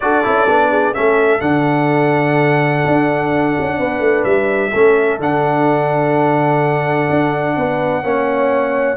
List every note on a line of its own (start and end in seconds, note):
0.00 0.25 D4
0.00 0.23 F#4
0.00 0.71 A4
0.00 0.94 D5
0.23 0.48 C#4
0.23 0.47 E4
0.48 0.95 B3
0.48 0.93 D4
0.71 0.94 G#4
0.93 1.41 A3
0.93 1.40 C#4
0.93 3.78 A4
0.93 1.40 E5
1.40 2.83 D3
1.40 4.71 D4
1.40 4.24 F#5
2.86 3.56 D4
3.59 3.80 C#4
3.78 4.00 B3
3.78 4.71 B4
4.00 4.23 A3
4.24 4.72 G3
4.24 5.18 E5
4.71 5.19 A3
4.71 5.20 C#4
4.71 7.54 A4
5.19 7.08 D3
5.19 8.03 D4
5.19 8.97 F#5
7.10 7.56 D4
7.56 8.03 B3
7.56 8.03 B4
8.03 8.97 A#3
8.03 8.97 C#4
8.03 8.97 C#5